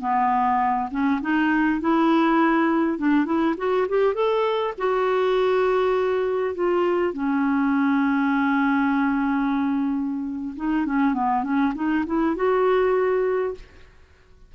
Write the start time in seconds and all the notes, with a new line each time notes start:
0.00 B3
0.90 C#4
1.21 D#4
1.80 E4
2.98 D4
3.25 E4
3.57 F#4
3.88 G4
4.14 A4
4.77 F#4
6.54 F4
7.13 C#4
10.56 D#4
10.86 C#4
11.13 B3
11.43 C#4
11.75 D#4
12.06 E4
12.36 F#4